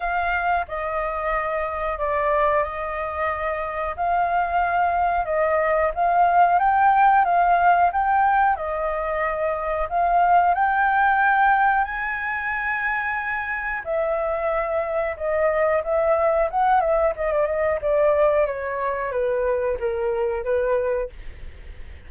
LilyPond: \new Staff \with { instrumentName = "flute" } { \time 4/4 \tempo 4 = 91 f''4 dis''2 d''4 | dis''2 f''2 | dis''4 f''4 g''4 f''4 | g''4 dis''2 f''4 |
g''2 gis''2~ | gis''4 e''2 dis''4 | e''4 fis''8 e''8 dis''16 d''16 dis''8 d''4 | cis''4 b'4 ais'4 b'4 | }